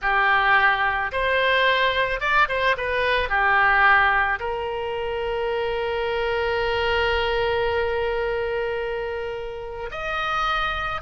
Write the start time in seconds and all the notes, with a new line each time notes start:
0.01 G4
1.12 C5
2.20 D5
2.48 C5
2.77 B4
3.29 G4
4.39 A#4
9.91 D#5